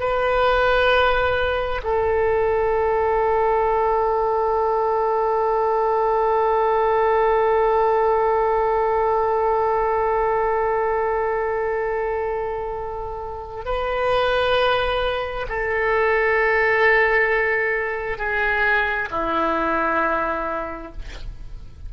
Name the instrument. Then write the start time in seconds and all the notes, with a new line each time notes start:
oboe
0.00 B4
1.84 A4
13.65 B4
15.49 A4
18.18 G#4
19.11 E4